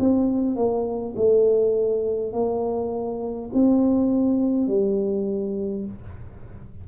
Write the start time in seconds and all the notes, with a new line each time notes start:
0.00 C4
0.57 A#3
1.17 A3
2.33 A#3
3.54 C4
4.68 G3